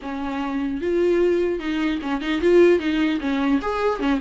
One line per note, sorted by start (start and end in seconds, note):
0.01 0.81 C#4
0.81 1.59 F4
1.59 1.99 D#4
2.02 2.21 C#4
2.21 2.41 D#4
2.41 2.79 F4
2.79 3.19 D#4
3.20 3.60 C#4
3.61 3.99 G#4
3.99 4.19 C#4